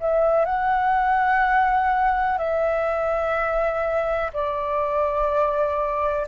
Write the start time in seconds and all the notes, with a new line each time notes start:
0.00 E5
0.45 F#5
2.38 E5
4.33 D5